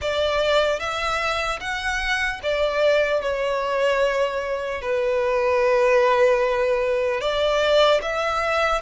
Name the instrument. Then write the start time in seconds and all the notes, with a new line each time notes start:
violin
0.01 D5
0.79 E5
1.60 F#5
2.43 D5
3.21 C#5
4.81 B4
7.20 D5
8.02 E5